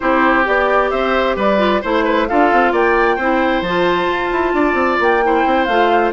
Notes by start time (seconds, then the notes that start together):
0.00 C4 E4 G4 C5
0.44 B3 G4 D5
0.90 C4 C5 E5
1.36 G3 B4 D5
1.58 F4
1.81 A3 E4 C5
2.04 B4
2.28 D4 F4 A4 F5
2.52 C4
2.72 A#3 D5 G5
3.16 C4 E4 C5
3.61 F3 F4 A5
4.06 F4
4.32 E4
4.53 D4 D5
4.74 C4
4.99 A#3 G5
5.23 E4 C5
5.45 C4
5.65 A3 F4 F5